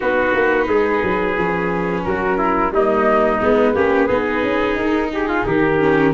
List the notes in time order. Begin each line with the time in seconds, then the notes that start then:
0.00 B3 D#4 F#4 B4
0.34 A#3
0.68 G#3 G#4
1.03 F#3
1.37 F3 C#4
2.03 F#3 F#4 A#4
2.37 E4
2.71 G3 A#3 D#4 D#5
3.40 G#3 B3 B4
3.74 A#3 C#4 G4
4.07 B3 D#4 G#4
4.42 C#4
4.75 D#4 A#4
5.13 G4 G#4
5.28 F4
5.45 D#3 G4 A#4
5.79 C#4